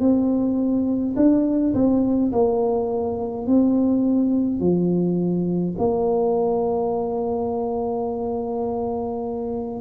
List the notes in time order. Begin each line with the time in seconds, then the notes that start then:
0.00 C4
1.16 D4
1.74 C4
2.32 A#3
3.47 C4
4.60 F3
5.78 A#3